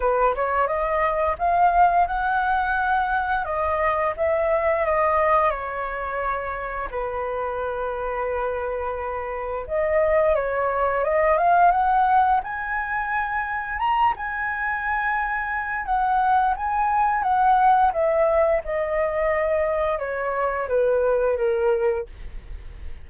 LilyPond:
\new Staff \with { instrumentName = "flute" } { \time 4/4 \tempo 4 = 87 b'8 cis''8 dis''4 f''4 fis''4~ | fis''4 dis''4 e''4 dis''4 | cis''2 b'2~ | b'2 dis''4 cis''4 |
dis''8 f''8 fis''4 gis''2 | ais''8 gis''2~ gis''8 fis''4 | gis''4 fis''4 e''4 dis''4~ | dis''4 cis''4 b'4 ais'4 | }